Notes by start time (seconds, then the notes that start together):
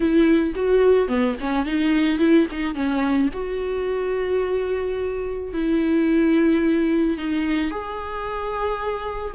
0.00 E4
0.55 F#4
1.08 B3
1.40 C#4
1.65 D#4
2.18 E4
2.51 D#4
2.74 C#4
3.33 F#4
5.53 E4
7.17 D#4
7.70 G#4